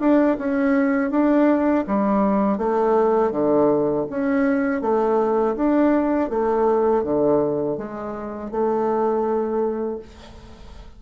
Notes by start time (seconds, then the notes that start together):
0.00 D4
0.38 C#4
1.11 D4
1.87 G3
2.58 A3
3.32 D3
4.10 C#4
4.81 A3
5.56 D4
6.30 A3
7.04 D3
7.77 G#3
8.51 A3